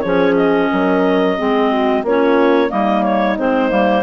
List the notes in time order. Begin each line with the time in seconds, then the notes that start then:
0.00 F3 C#4 G#4 C#5
0.37 D#5
0.72 F#3 A#4
1.38 G#3 C4 G#4
1.71 F#4
2.03 A#3 C#4 F4 C#5
2.69 G3 A#3 D#4 D#5
3.04 C#5
3.38 G#3 C4 C5
3.70 G3 A#3